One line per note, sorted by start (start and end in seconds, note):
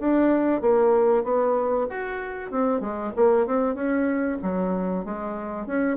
0.00 0.61 D4
0.61 1.24 A#3
1.24 1.87 B3
1.90 2.51 F#4
2.51 2.81 C4
2.81 3.12 G#3
3.16 3.47 A#3
3.47 3.75 C4
3.75 4.38 C#4
4.43 5.05 F#3
5.05 5.67 G#3
5.67 5.97 C#4